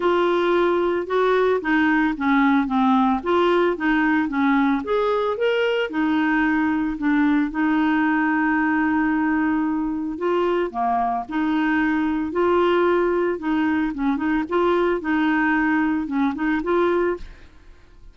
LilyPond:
\new Staff \with { instrumentName = "clarinet" } { \time 4/4 \tempo 4 = 112 f'2 fis'4 dis'4 | cis'4 c'4 f'4 dis'4 | cis'4 gis'4 ais'4 dis'4~ | dis'4 d'4 dis'2~ |
dis'2. f'4 | ais4 dis'2 f'4~ | f'4 dis'4 cis'8 dis'8 f'4 | dis'2 cis'8 dis'8 f'4 | }